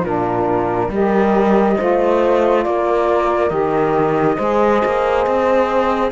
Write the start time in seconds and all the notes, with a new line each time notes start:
0.00 A#2 D4 F4 A#4
0.88 G3 G4 A#4 D#5
1.77 A3 F4 C5
2.64 A#3 A#4 D5
3.49 D#3 G4 D#5
4.36 G#3 G#4 C5
4.85 A#3
5.26 C4